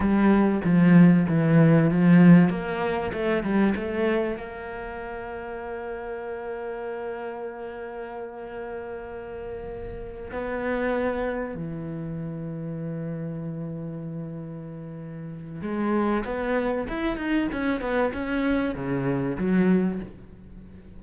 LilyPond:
\new Staff \with { instrumentName = "cello" } { \time 4/4 \tempo 4 = 96 g4 f4 e4 f4 | ais4 a8 g8 a4 ais4~ | ais1~ | ais1~ |
ais8 b2 e4.~ | e1~ | e4 gis4 b4 e'8 dis'8 | cis'8 b8 cis'4 cis4 fis4 | }